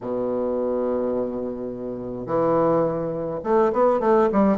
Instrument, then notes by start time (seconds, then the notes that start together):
bassoon
0.01 B2
2.26 E3
3.43 A3
3.72 B3
4.00 A3
4.32 G3